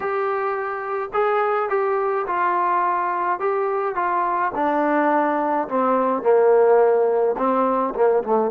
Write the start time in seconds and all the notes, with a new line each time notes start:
0.00 G4
1.13 G#4
1.69 G4
2.26 F4
3.39 G4
3.95 F4
4.54 D4
5.68 C4
6.22 A#3
7.37 C4
7.95 A#3
8.23 A3